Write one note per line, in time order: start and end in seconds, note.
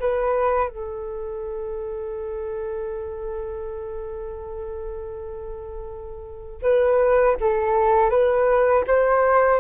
0.00 0.69 B4
0.69 6.62 A4
6.62 7.36 B4
7.40 8.10 A4
8.10 8.84 B4
8.88 9.60 C5